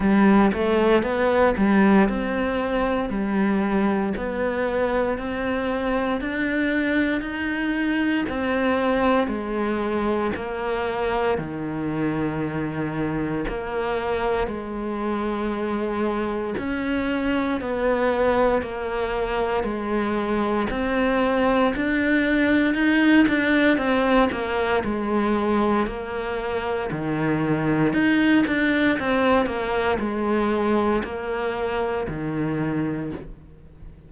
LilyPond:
\new Staff \with { instrumentName = "cello" } { \time 4/4 \tempo 4 = 58 g8 a8 b8 g8 c'4 g4 | b4 c'4 d'4 dis'4 | c'4 gis4 ais4 dis4~ | dis4 ais4 gis2 |
cis'4 b4 ais4 gis4 | c'4 d'4 dis'8 d'8 c'8 ais8 | gis4 ais4 dis4 dis'8 d'8 | c'8 ais8 gis4 ais4 dis4 | }